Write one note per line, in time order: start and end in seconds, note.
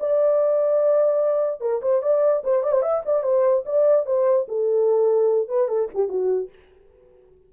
0.00 1.61 D5
1.61 1.81 A#4
1.82 2.03 C5
2.03 2.43 D5
2.44 2.63 C5
2.63 2.72 D5
2.72 2.83 C5
2.83 3.03 E5
3.06 3.24 D5
3.24 3.64 C5
3.66 4.06 D5
4.06 4.47 C5
4.49 5.49 A4
5.49 5.68 B4
5.68 5.89 A4
5.95 6.09 G4
6.09 6.50 F#4